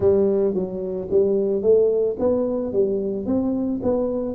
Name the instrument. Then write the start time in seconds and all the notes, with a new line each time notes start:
tuba
0.00 G3
0.54 F#3
1.10 G3
1.62 A3
2.19 B3
2.72 G3
3.26 C4
3.82 B3